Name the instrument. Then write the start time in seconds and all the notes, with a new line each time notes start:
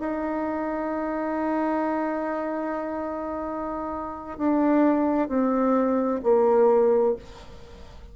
bassoon
0.00 D#4
4.38 D4
5.28 C4
6.23 A#3